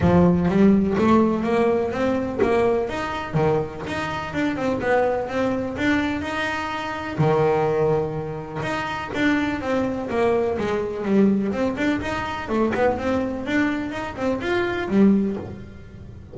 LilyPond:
\new Staff \with { instrumentName = "double bass" } { \time 4/4 \tempo 4 = 125 f4 g4 a4 ais4 | c'4 ais4 dis'4 dis4 | dis'4 d'8 c'8 b4 c'4 | d'4 dis'2 dis4~ |
dis2 dis'4 d'4 | c'4 ais4 gis4 g4 | c'8 d'8 dis'4 a8 b8 c'4 | d'4 dis'8 c'8 f'4 g4 | }